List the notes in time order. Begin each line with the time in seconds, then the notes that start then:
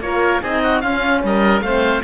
0.00 A#3 F4 A#4 C#5
0.42 C4 D#4 G#4 D#5
0.63 F#4
0.80 C#4 F4 F5
1.23 G3 A#4 D#5
1.61 A3 C4 C5 F5